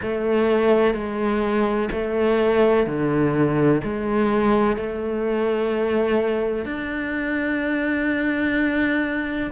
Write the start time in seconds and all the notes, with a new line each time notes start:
0.02 A3
0.94 G#3
1.91 A3
2.86 D3
3.83 G#3
4.76 A3
6.65 D4